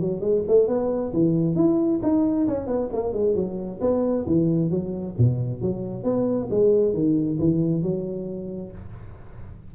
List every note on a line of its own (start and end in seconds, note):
0.00 0.21 F#3
0.21 0.43 G#3
0.47 0.68 A3
0.68 1.12 B3
1.13 1.55 E3
1.55 2.00 E4
2.03 2.47 D#4
2.48 2.67 C#4
2.67 2.89 B3
2.92 3.13 A#3
3.13 3.35 G#3
3.35 3.80 F#3
3.81 4.25 B3
4.26 4.70 E3
4.70 5.15 F#3
5.18 5.62 B2
5.62 6.03 F#3
6.03 6.48 B3
6.50 6.93 G#3
6.93 7.38 D#3
7.39 7.82 E3
7.82 8.72 F#3